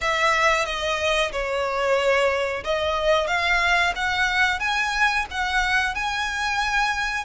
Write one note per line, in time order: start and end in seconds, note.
0.01 0.65 E5
0.65 1.31 D#5
1.32 2.63 C#5
2.64 3.27 D#5
3.27 3.93 F5
3.95 4.59 F#5
4.59 5.25 G#5
5.30 5.95 F#5
5.95 7.24 G#5